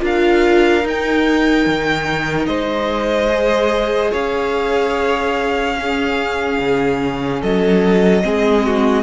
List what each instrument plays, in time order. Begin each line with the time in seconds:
0.00 cello D4, viola F4, violin A#4 F5
0.84 viola D#4, cello D#4, violin G5
1.67 cello D#3
2.46 cello G#3, violin C5 D#5
3.29 viola G#4
4.12 cello C#4, violin C#5 F5
5.78 viola C#4, violin G#4
6.60 cello C#3
7.41 cello F#3, violin A4 D#5
8.22 cello G#3, viola C4, violin G#4
8.66 violin F#4